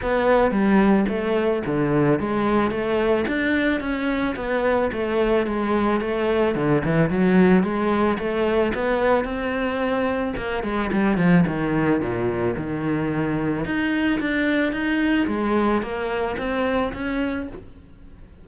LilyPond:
\new Staff \with { instrumentName = "cello" } { \time 4/4 \tempo 4 = 110 b4 g4 a4 d4 | gis4 a4 d'4 cis'4 | b4 a4 gis4 a4 | d8 e8 fis4 gis4 a4 |
b4 c'2 ais8 gis8 | g8 f8 dis4 ais,4 dis4~ | dis4 dis'4 d'4 dis'4 | gis4 ais4 c'4 cis'4 | }